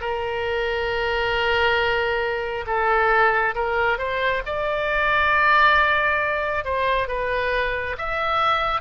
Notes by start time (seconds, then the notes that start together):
0.00 A#4
2.66 A4
3.55 A#4
3.97 C5
4.45 D5
6.64 C5
7.07 B4
7.97 E5